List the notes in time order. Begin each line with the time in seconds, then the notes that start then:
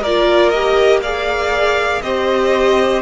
0.00 A#3 F4 A#4 D5
0.49 G4 D#5
1.02 G#4 D5 F5
2.01 C4 G4 C5 D#5